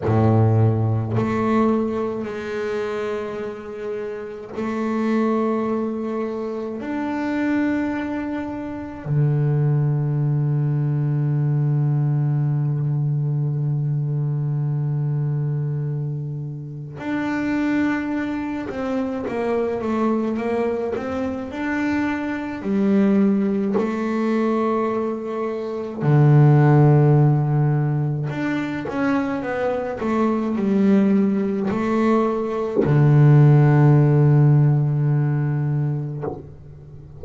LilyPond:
\new Staff \with { instrumentName = "double bass" } { \time 4/4 \tempo 4 = 53 a,4 a4 gis2 | a2 d'2 | d1~ | d2. d'4~ |
d'8 c'8 ais8 a8 ais8 c'8 d'4 | g4 a2 d4~ | d4 d'8 cis'8 b8 a8 g4 | a4 d2. | }